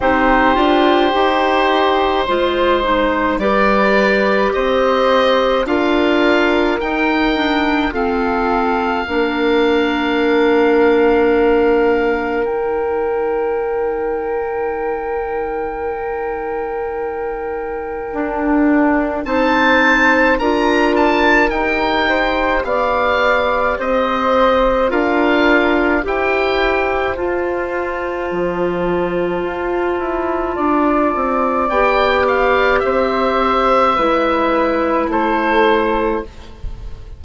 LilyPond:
<<
  \new Staff \with { instrumentName = "oboe" } { \time 4/4 \tempo 4 = 53 c''2. d''4 | dis''4 f''4 g''4 f''4~ | f''2. g''4~ | g''1~ |
g''4 a''4 ais''8 a''8 g''4 | f''4 dis''4 f''4 g''4 | a''1 | g''8 f''8 e''2 c''4 | }
  \new Staff \with { instrumentName = "flute" } { \time 4/4 g'2 c''4 b'4 | c''4 ais'2 a'4 | ais'1~ | ais'1~ |
ais'4 c''4 ais'4. c''8 | d''4 c''4 ais'4 c''4~ | c''2. d''4~ | d''4 c''4 b'4 a'4 | }
  \new Staff \with { instrumentName = "clarinet" } { \time 4/4 dis'8 f'8 g'4 f'8 dis'8 g'4~ | g'4 f'4 dis'8 d'8 c'4 | d'2. dis'4~ | dis'1 |
d'4 dis'4 f'4 g'4~ | g'2 f'4 g'4 | f'1 | g'2 e'2 | }
  \new Staff \with { instrumentName = "bassoon" } { \time 4/4 c'8 d'8 dis'4 gis4 g4 | c'4 d'4 dis'4 f'4 | ais2. dis'4~ | dis'1 |
d'4 c'4 d'4 dis'4 | b4 c'4 d'4 e'4 | f'4 f4 f'8 e'8 d'8 c'8 | b4 c'4 gis4 a4 | }
>>